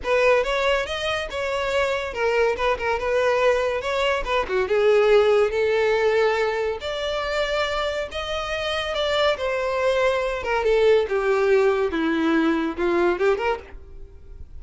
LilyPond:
\new Staff \with { instrumentName = "violin" } { \time 4/4 \tempo 4 = 141 b'4 cis''4 dis''4 cis''4~ | cis''4 ais'4 b'8 ais'8 b'4~ | b'4 cis''4 b'8 fis'8 gis'4~ | gis'4 a'2. |
d''2. dis''4~ | dis''4 d''4 c''2~ | c''8 ais'8 a'4 g'2 | e'2 f'4 g'8 ais'8 | }